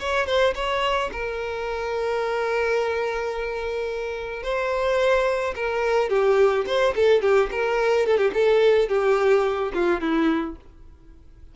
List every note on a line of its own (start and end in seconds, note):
0.00 0.27 C#5
0.27 0.54 C5
0.55 1.11 C#5
1.12 4.43 A#4
4.43 5.55 C5
5.56 6.10 A#4
6.10 6.65 G4
6.67 6.95 C5
6.96 7.22 A4
7.22 7.50 G4
7.52 8.07 A#4
8.07 8.18 A4
8.18 8.32 G4
8.34 8.89 A4
8.89 9.72 G4
9.74 10.01 F4
10.01 10.56 E4